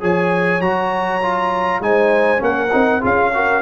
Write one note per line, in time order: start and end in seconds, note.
0.00 0.60 F3
0.00 0.60 G#4
0.00 1.81 C#5
0.00 0.61 G#5
0.60 1.80 F#3
0.60 1.21 F#4
0.60 1.81 A#5
1.22 1.81 F4
1.80 2.40 G#3
1.80 2.38 D#4
1.80 2.43 C5
1.80 2.42 G#5
2.38 2.71 A#3
2.38 2.68 C#4
2.38 3.00 A#4
2.38 3.03 F#5
2.72 3.04 C4
2.72 3.00 D#4
3.00 3.61 C#4
3.00 3.31 F4
3.00 3.30 G#4
3.00 3.61 F5
3.33 3.61 F#4
3.33 3.61 A#4